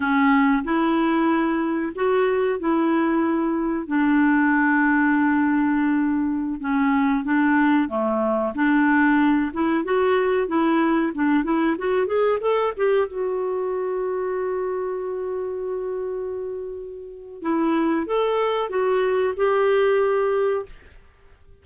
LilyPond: \new Staff \with { instrumentName = "clarinet" } { \time 4/4 \tempo 4 = 93 cis'4 e'2 fis'4 | e'2 d'2~ | d'2~ d'16 cis'4 d'8.~ | d'16 a4 d'4. e'8 fis'8.~ |
fis'16 e'4 d'8 e'8 fis'8 gis'8 a'8 g'16~ | g'16 fis'2.~ fis'8.~ | fis'2. e'4 | a'4 fis'4 g'2 | }